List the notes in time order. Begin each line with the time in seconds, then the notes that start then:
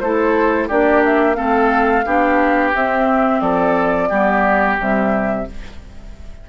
0.00 A3 E4 A4 C5
0.68 A#3 D4 G4 D5
1.05 E5
1.35 A3 C4 A4 F5
2.06 B3 D4 G4
2.75 C4 E5
3.40 F3 A4 D5
4.09 G3 B3 G4
4.78 C3 G3 E5